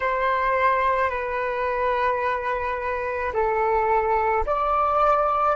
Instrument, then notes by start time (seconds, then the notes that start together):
flute
0.00 C5
1.10 B4
3.33 A4
4.45 D5